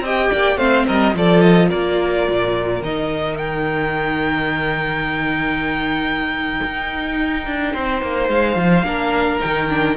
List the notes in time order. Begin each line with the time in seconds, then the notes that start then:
0.00 C4 G4 D#5 G5
0.31 A#3 D5
0.57 A3 C4 C5 F5
0.86 G3 A#4 D#5
1.14 F3 F4 A4 D5
1.41 D#5
1.68 A#3 A#4 D5
2.29 A#2
2.82 D#3 D#4 D#5
3.38 G5
6.64 D#4
7.46 D4
7.73 C4 C5
8.02 A#3
8.29 G#3 F5
8.56 F3
8.83 A#3 D4 A#4
9.40 D#3 D#4 G5
9.70 D4